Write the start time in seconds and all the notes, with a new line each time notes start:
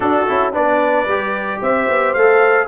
0.00 D4 F#4 A4
0.27 C#4 E4
0.52 B3 D4 B4 D5
1.07 G3 G4
1.61 C4 C5 E5
1.88 B3
2.13 A3 A4 F5